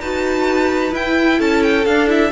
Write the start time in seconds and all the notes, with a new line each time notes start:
0.00 D#4 F#4 B4 A5
0.91 E4 G5
1.38 C#4 A4 A5
1.62 G5
1.85 D4 F5
2.07 E4 E5